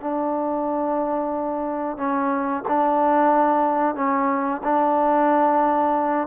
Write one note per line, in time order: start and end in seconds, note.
0.00 1.97 D4
1.97 2.63 C#4
2.68 3.95 D4
3.95 4.61 C#4
4.63 6.27 D4